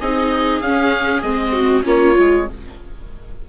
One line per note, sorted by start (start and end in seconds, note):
0.00 0.62 C4
0.00 0.64 D#4
0.00 1.53 G#4
0.00 0.61 D#5
0.61 1.23 C#4
0.61 1.24 C#4
0.61 1.22 F5
1.22 1.84 G#3
1.22 1.83 C4
1.22 1.83 D#5
1.53 1.83 F#4
1.83 2.17 A#3
1.83 2.13 C#4
1.83 2.46 F4
1.83 2.49 C#5
2.15 2.49 G#3
2.15 2.46 F4